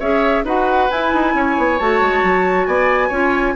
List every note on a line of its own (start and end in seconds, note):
0.00 0.44 C#4
0.00 0.45 G#4
0.00 0.44 C#5
0.00 0.45 E5
0.44 0.89 D#4
0.44 0.91 F#4
0.44 1.34 B4
0.44 0.91 F#5
0.91 1.13 E4
0.91 1.80 E4
0.91 1.80 G#5
1.13 1.35 D#4
1.35 1.57 C#4
1.35 2.68 C#5
1.58 1.80 B3
1.80 2.02 A3
1.80 3.11 F#4
1.80 2.66 A5
2.02 2.23 G#3
2.23 2.67 F#3
2.66 3.11 B3
2.66 3.09 D5
2.66 3.55 G#5
3.09 3.55 C#4
3.09 3.56 F4
3.09 3.53 C#5